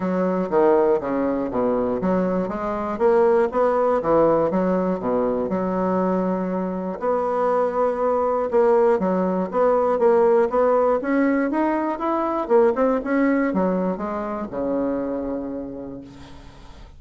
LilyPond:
\new Staff \with { instrumentName = "bassoon" } { \time 4/4 \tempo 4 = 120 fis4 dis4 cis4 b,4 | fis4 gis4 ais4 b4 | e4 fis4 b,4 fis4~ | fis2 b2~ |
b4 ais4 fis4 b4 | ais4 b4 cis'4 dis'4 | e'4 ais8 c'8 cis'4 fis4 | gis4 cis2. | }